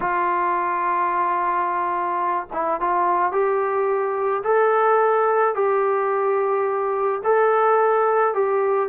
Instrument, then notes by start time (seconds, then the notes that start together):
trombone
0.00 F4
2.52 E4
2.80 F4
3.32 G4
4.43 A4
5.55 G4
7.24 A4
8.33 G4